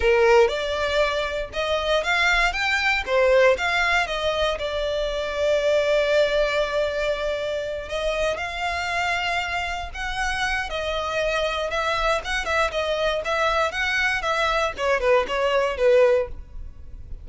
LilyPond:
\new Staff \with { instrumentName = "violin" } { \time 4/4 \tempo 4 = 118 ais'4 d''2 dis''4 | f''4 g''4 c''4 f''4 | dis''4 d''2.~ | d''2.~ d''8 dis''8~ |
dis''8 f''2. fis''8~ | fis''4 dis''2 e''4 | fis''8 e''8 dis''4 e''4 fis''4 | e''4 cis''8 b'8 cis''4 b'4 | }